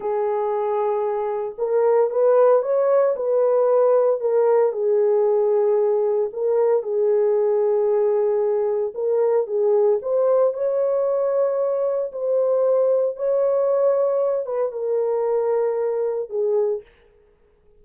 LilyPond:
\new Staff \with { instrumentName = "horn" } { \time 4/4 \tempo 4 = 114 gis'2. ais'4 | b'4 cis''4 b'2 | ais'4 gis'2. | ais'4 gis'2.~ |
gis'4 ais'4 gis'4 c''4 | cis''2. c''4~ | c''4 cis''2~ cis''8 b'8 | ais'2. gis'4 | }